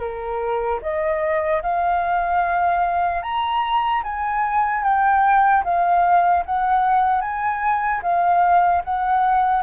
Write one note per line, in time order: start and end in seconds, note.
0.00 0.80 A#4
0.83 1.63 D#5
1.63 3.23 F5
3.23 4.03 A#5
4.04 4.84 G#5
4.84 5.64 G5
5.65 6.45 F5
6.46 7.22 F#5
7.22 8.02 G#5
8.03 8.83 F5
8.85 9.63 F#5